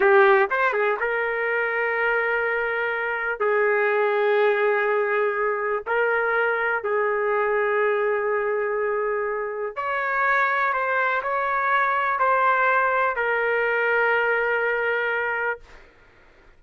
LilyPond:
\new Staff \with { instrumentName = "trumpet" } { \time 4/4 \tempo 4 = 123 g'4 c''8 gis'8 ais'2~ | ais'2. gis'4~ | gis'1 | ais'2 gis'2~ |
gis'1 | cis''2 c''4 cis''4~ | cis''4 c''2 ais'4~ | ais'1 | }